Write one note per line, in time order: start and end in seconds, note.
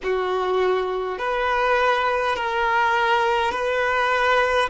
0.03 1.18 F#4
1.18 2.35 B4
2.35 3.51 A#4
3.51 4.69 B4